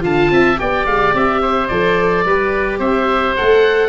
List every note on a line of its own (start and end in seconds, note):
0.00 0.30 D3
0.00 0.56 F4
0.00 0.31 F5
0.00 0.59 A5
0.30 0.58 C4
0.30 0.60 E5
0.57 0.86 B3
0.57 1.68 G4
0.57 1.41 D5
0.57 0.85 G5
0.85 1.13 G#3
0.85 1.13 F5
1.14 1.69 C4
1.14 1.68 E5
1.41 2.25 C5
1.68 2.25 F3
1.68 2.26 A4
1.68 2.79 D5
2.25 2.79 G3
2.25 3.37 G4
2.25 2.78 B4
2.78 3.34 C4
2.78 3.89 C5
2.78 3.35 E5
3.36 3.89 A3
3.36 3.89 A4
3.36 3.89 F#5